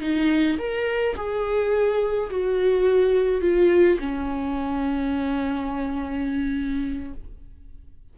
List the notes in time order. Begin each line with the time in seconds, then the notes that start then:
0.00 D#4
0.58 A#4
1.15 G#4
2.30 F#4
3.41 F4
3.99 C#4